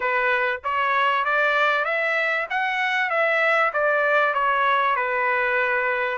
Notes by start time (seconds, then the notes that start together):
0.00 B4
0.64 C#5
1.25 D5
1.84 E5
2.50 F#5
3.10 E5
3.73 D5
4.34 C#5
4.96 B4